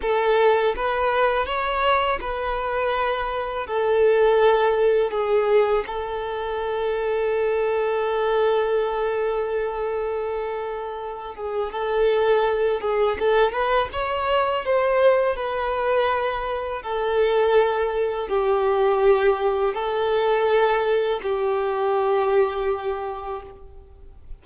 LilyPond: \new Staff \with { instrumentName = "violin" } { \time 4/4 \tempo 4 = 82 a'4 b'4 cis''4 b'4~ | b'4 a'2 gis'4 | a'1~ | a'2.~ a'8 gis'8 |
a'4. gis'8 a'8 b'8 cis''4 | c''4 b'2 a'4~ | a'4 g'2 a'4~ | a'4 g'2. | }